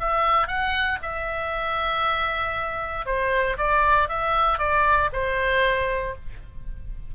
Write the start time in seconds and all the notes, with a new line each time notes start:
0.00 E5
0.48 F#5
1.03 E5
3.06 C5
3.58 D5
4.09 E5
4.59 D5
5.13 C5